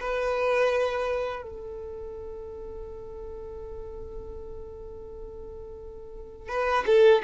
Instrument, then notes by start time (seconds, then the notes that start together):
violin
0.00 B4
1.42 A4
6.48 B4
6.86 A4